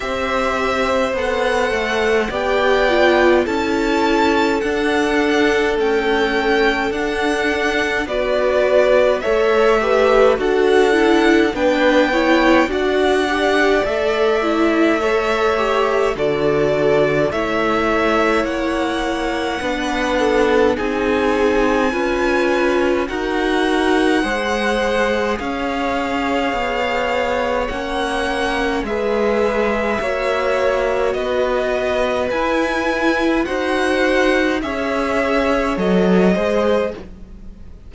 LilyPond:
<<
  \new Staff \with { instrumentName = "violin" } { \time 4/4 \tempo 4 = 52 e''4 fis''4 g''4 a''4 | fis''4 g''4 fis''4 d''4 | e''4 fis''4 g''4 fis''4 | e''2 d''4 e''4 |
fis''2 gis''2 | fis''2 f''2 | fis''4 e''2 dis''4 | gis''4 fis''4 e''4 dis''4 | }
  \new Staff \with { instrumentName = "violin" } { \time 4/4 c''2 d''4 a'4~ | a'2. b'4 | cis''8 b'8 a'4 b'8 cis''8 d''4~ | d''4 cis''4 a'4 cis''4~ |
cis''4 b'8 a'8 gis'4 b'4 | ais'4 c''4 cis''2~ | cis''4 b'4 cis''4 b'4~ | b'4 c''4 cis''4. c''8 | }
  \new Staff \with { instrumentName = "viola" } { \time 4/4 g'4 a'4 g'8 f'8 e'4 | d'4 a4 d'4 fis'4 | a'8 g'8 fis'8 e'8 d'8 e'8 fis'8 g'8 | a'8 e'8 a'8 g'8 fis'4 e'4~ |
e'4 d'4 dis'4 f'4 | fis'4 gis'2. | cis'4 gis'4 fis'2 | e'4 fis'4 gis'4 a'8 gis'8 | }
  \new Staff \with { instrumentName = "cello" } { \time 4/4 c'4 b8 a8 b4 cis'4 | d'4 cis'4 d'4 b4 | a4 d'4 b4 d'4 | a2 d4 a4 |
ais4 b4 c'4 cis'4 | dis'4 gis4 cis'4 b4 | ais4 gis4 ais4 b4 | e'4 dis'4 cis'4 fis8 gis8 | }
>>